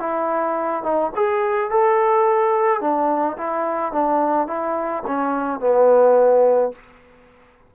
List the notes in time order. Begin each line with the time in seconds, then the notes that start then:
0.00 E4
0.83 D#4
1.16 G#4
1.71 A4
2.81 D4
3.38 E4
3.93 D4
4.48 E4
5.07 C#4
5.60 B3